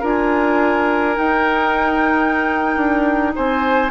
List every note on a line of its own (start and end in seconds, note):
0.00 1.17 D4
0.00 1.16 F4
0.00 3.32 A#4
0.00 1.17 G#5
1.16 3.90 D#4
1.16 2.76 D#4
1.16 3.33 G5
2.76 3.33 D4
3.35 3.90 C4
3.35 3.90 C5
3.35 3.90 G#5